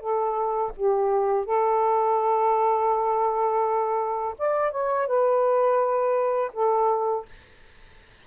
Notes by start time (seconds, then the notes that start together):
0.00 A4
0.76 G4
1.46 A4
4.38 D5
4.72 C#5
5.07 B4
6.53 A4